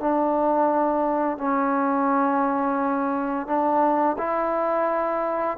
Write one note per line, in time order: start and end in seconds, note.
0.00 1.37 D4
1.37 3.46 C#4
3.46 4.16 D4
4.18 5.57 E4